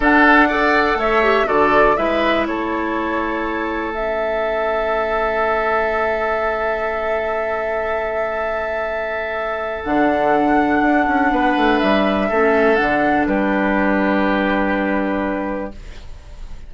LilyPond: <<
  \new Staff \with { instrumentName = "flute" } { \time 4/4 \tempo 4 = 122 fis''2 e''4 d''4 | e''4 cis''2. | e''1~ | e''1~ |
e''1 | fis''1 | e''2 fis''4 b'4~ | b'1 | }
  \new Staff \with { instrumentName = "oboe" } { \time 4/4 a'4 d''4 cis''4 a'4 | b'4 a'2.~ | a'1~ | a'1~ |
a'1~ | a'2. b'4~ | b'4 a'2 g'4~ | g'1 | }
  \new Staff \with { instrumentName = "clarinet" } { \time 4/4 d'4 a'4. g'8 fis'4 | e'1 | cis'1~ | cis'1~ |
cis'1 | d'1~ | d'4 cis'4 d'2~ | d'1 | }
  \new Staff \with { instrumentName = "bassoon" } { \time 4/4 d'2 a4 d4 | gis4 a2.~ | a1~ | a1~ |
a1 | d2 d'8 cis'8 b8 a8 | g4 a4 d4 g4~ | g1 | }
>>